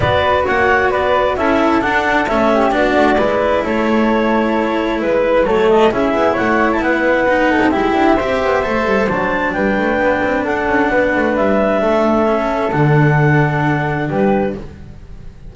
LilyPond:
<<
  \new Staff \with { instrumentName = "clarinet" } { \time 4/4 \tempo 4 = 132 d''4 fis''4 d''4 e''4 | fis''4 e''4 d''2 | cis''2. b'4 | cis''8 dis''8 e''4 fis''8. a''16 fis''4~ |
fis''4 e''2. | a''4 g''2 fis''4~ | fis''4 e''2. | fis''2. b'4 | }
  \new Staff \with { instrumentName = "flute" } { \time 4/4 b'4 cis''4 b'4 a'4~ | a'4. g'8 fis'4 b'4 | a'2. b'4 | a'4 gis'4 cis''4 b'4~ |
b'8 a'8 g'4 c''2~ | c''4 b'2 a'4 | b'2 a'2~ | a'2. g'4 | }
  \new Staff \with { instrumentName = "cello" } { \time 4/4 fis'2. e'4 | d'4 cis'4 d'4 e'4~ | e'1 | a4 e'2. |
dis'4 e'4 g'4 a'4 | d'1~ | d'2. cis'4 | d'1 | }
  \new Staff \with { instrumentName = "double bass" } { \time 4/4 b4 ais4 b4 cis'4 | d'4 a4 b8 a8 gis4 | a2. gis4 | fis4 cis'8 b8 a4 b4~ |
b8. c'16 gis8 d'8 c'8 b8 a8 g8 | fis4 g8 a8 b8 c'8 d'8 cis'8 | b8 a8 g4 a2 | d2. g4 | }
>>